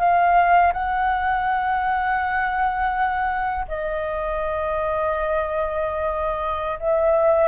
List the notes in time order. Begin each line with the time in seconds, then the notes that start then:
0.00 F5
0.74 F#5
3.69 D#5
6.80 E5